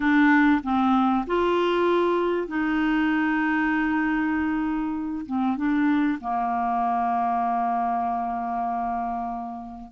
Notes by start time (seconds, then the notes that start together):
0.00 D4
0.63 C4
1.26 F4
2.47 D#4
5.26 C4
5.56 D4
6.21 A#3